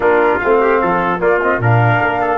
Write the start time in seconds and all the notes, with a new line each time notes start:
0.00 A#3 D4 F4 A#4
0.38 A3 C4 F5
0.60 G4
0.81 F3 A4
1.19 A#3 F4 D5
1.41 C4 D#5
1.58 A#2 D4 A#4 F5
2.01 A#3
2.20 A4